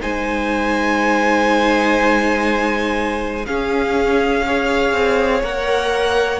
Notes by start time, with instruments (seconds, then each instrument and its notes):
0.00 cello G#3, viola D#4, violin C5 G#5
3.46 viola C#4, cello C#4, violin G#4 F5
4.45 viola G#4, violin C#5
4.92 cello C4
5.43 cello A#3, viola A#4, violin F#5